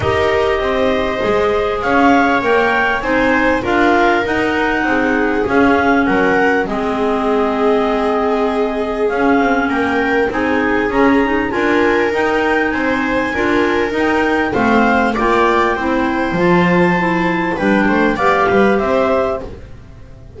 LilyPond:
<<
  \new Staff \with { instrumentName = "clarinet" } { \time 4/4 \tempo 4 = 99 dis''2. f''4 | g''4 gis''4 f''4 fis''4~ | fis''4 f''4 fis''4 dis''4~ | dis''2. f''4 |
g''4 gis''4 ais''4 gis''4 | g''4 gis''2 g''4 | f''4 g''2 a''4~ | a''4 g''4 f''4 e''4 | }
  \new Staff \with { instrumentName = "viola" } { \time 4/4 ais'4 c''2 cis''4~ | cis''4 c''4 ais'2 | gis'2 ais'4 gis'4~ | gis'1 |
ais'4 gis'2 ais'4~ | ais'4 c''4 ais'2 | c''4 d''4 c''2~ | c''4 b'8 c''8 d''8 b'8 c''4 | }
  \new Staff \with { instrumentName = "clarinet" } { \time 4/4 g'2 gis'2 | ais'4 dis'4 f'4 dis'4~ | dis'4 cis'2 c'4~ | c'2. cis'4~ |
cis'4 dis'4 cis'8 dis'8 f'4 | dis'2 f'4 dis'4 | c'4 f'4 e'4 f'4 | e'4 d'4 g'2 | }
  \new Staff \with { instrumentName = "double bass" } { \time 4/4 dis'4 c'4 gis4 cis'4 | ais4 c'4 d'4 dis'4 | c'4 cis'4 fis4 gis4~ | gis2. cis'8 c'8 |
ais4 c'4 cis'4 d'4 | dis'4 c'4 d'4 dis'4 | a4 ais4 c'4 f4~ | f4 g8 a8 b8 g8 c'4 | }
>>